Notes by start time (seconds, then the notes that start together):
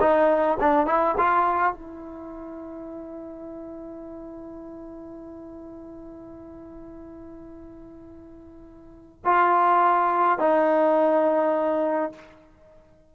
0.00 D#4
0.60 D4
0.87 E4
1.18 F4
1.73 E4
9.25 F4
10.39 D#4